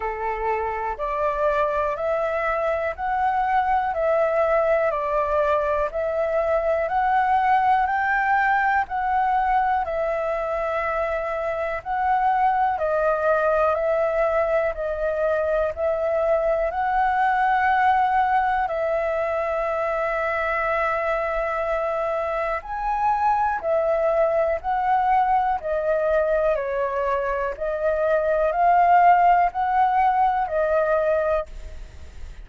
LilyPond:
\new Staff \with { instrumentName = "flute" } { \time 4/4 \tempo 4 = 61 a'4 d''4 e''4 fis''4 | e''4 d''4 e''4 fis''4 | g''4 fis''4 e''2 | fis''4 dis''4 e''4 dis''4 |
e''4 fis''2 e''4~ | e''2. gis''4 | e''4 fis''4 dis''4 cis''4 | dis''4 f''4 fis''4 dis''4 | }